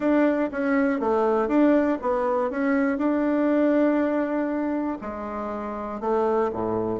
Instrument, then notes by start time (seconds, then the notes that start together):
bassoon
0.00 D4
0.51 C#4
1.00 A3
1.48 D4
2.01 B3
2.50 C#4
2.97 D4
5.01 G#3
6.00 A3
6.52 A2